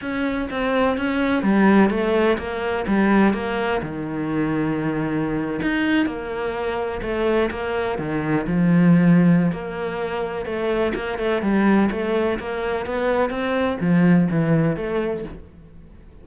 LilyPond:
\new Staff \with { instrumentName = "cello" } { \time 4/4 \tempo 4 = 126 cis'4 c'4 cis'4 g4 | a4 ais4 g4 ais4 | dis2.~ dis8. dis'16~ | dis'8. ais2 a4 ais16~ |
ais8. dis4 f2~ f16 | ais2 a4 ais8 a8 | g4 a4 ais4 b4 | c'4 f4 e4 a4 | }